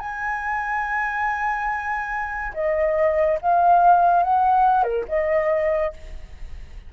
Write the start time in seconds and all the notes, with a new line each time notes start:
0.00 G#5
2.54 D#5
3.41 F5
4.23 F#5
4.84 A#4
5.09 D#5